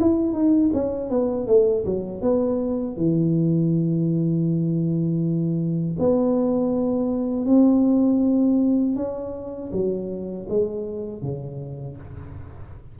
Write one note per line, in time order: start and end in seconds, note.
0.00 0.33 E4
0.33 0.71 D#4
0.73 1.10 C#4
1.10 1.47 B3
1.47 1.84 A3
1.85 2.21 F#3
2.21 2.96 B3
2.97 5.97 E3
5.99 7.46 B3
7.46 8.96 C4
8.96 9.71 C#4
9.72 10.47 F#3
10.49 11.22 G#3
11.22 11.97 C#3